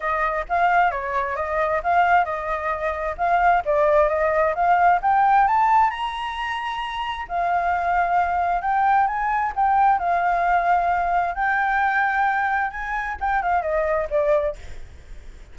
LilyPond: \new Staff \with { instrumentName = "flute" } { \time 4/4 \tempo 4 = 132 dis''4 f''4 cis''4 dis''4 | f''4 dis''2 f''4 | d''4 dis''4 f''4 g''4 | a''4 ais''2. |
f''2. g''4 | gis''4 g''4 f''2~ | f''4 g''2. | gis''4 g''8 f''8 dis''4 d''4 | }